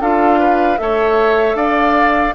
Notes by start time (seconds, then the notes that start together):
0.00 D4 F4 A4 F5
0.39 B4
0.77 A3 A4 C#5 E5
1.54 D4 D5 F5